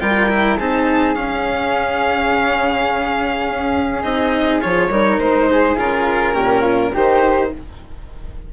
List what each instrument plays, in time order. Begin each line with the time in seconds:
0.00 bassoon G3, cello F4, flute A#4, violin G5
0.29 cello E4
0.58 bassoon C4, cello D#4, flute G#4, violin A5
1.15 cello C#4, bassoon C#4, violin F5
2.31 bassoon C#3
3.49 bassoon C#4
4.03 bassoon C4, cello D#4, violin D#5
4.60 bassoon F3, cello F4, violin C#5
4.90 bassoon G3, cello D#4, flute A#4
5.18 bassoon G#3, violin C5
5.51 flute G#4
5.76 bassoon C#3, cello F4, violin A#4
6.34 bassoon A#2, cello C#4, flute G4
6.61 flute F4
6.93 bassoon D#3, cello D#4, flute G4, violin C5